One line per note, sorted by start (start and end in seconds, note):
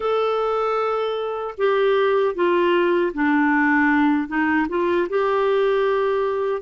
0.00 1.54 A4
1.57 2.34 G4
2.34 3.12 F4
3.13 4.28 D4
4.28 4.66 D#4
4.69 5.08 F4
5.09 6.61 G4